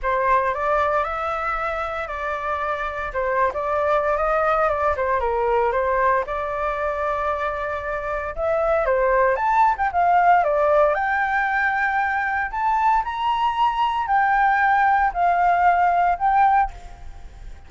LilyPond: \new Staff \with { instrumentName = "flute" } { \time 4/4 \tempo 4 = 115 c''4 d''4 e''2 | d''2 c''8. d''4~ d''16 | dis''4 d''8 c''8 ais'4 c''4 | d''1 |
e''4 c''4 a''8. g''16 f''4 | d''4 g''2. | a''4 ais''2 g''4~ | g''4 f''2 g''4 | }